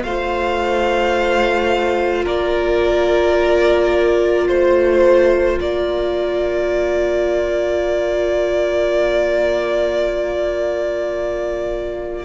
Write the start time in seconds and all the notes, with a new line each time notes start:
0.00 A3 F4 F5
0.06 C5
2.23 A#3 A#4 D5
4.47 A3 C5
5.59 A#3 A#4 D5